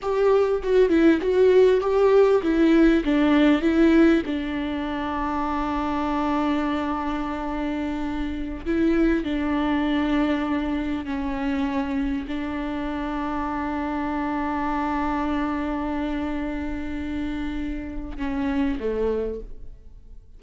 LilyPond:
\new Staff \with { instrumentName = "viola" } { \time 4/4 \tempo 4 = 99 g'4 fis'8 e'8 fis'4 g'4 | e'4 d'4 e'4 d'4~ | d'1~ | d'2~ d'16 e'4 d'8.~ |
d'2~ d'16 cis'4.~ cis'16~ | cis'16 d'2.~ d'8.~ | d'1~ | d'2 cis'4 a4 | }